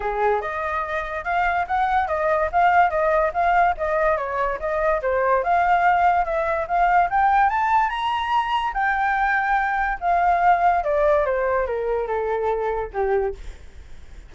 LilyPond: \new Staff \with { instrumentName = "flute" } { \time 4/4 \tempo 4 = 144 gis'4 dis''2 f''4 | fis''4 dis''4 f''4 dis''4 | f''4 dis''4 cis''4 dis''4 | c''4 f''2 e''4 |
f''4 g''4 a''4 ais''4~ | ais''4 g''2. | f''2 d''4 c''4 | ais'4 a'2 g'4 | }